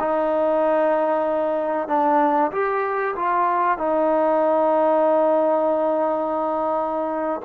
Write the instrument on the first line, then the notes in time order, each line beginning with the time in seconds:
trombone
0.00 D#4
1.88 D4
2.52 G4
3.16 F4
3.78 D#4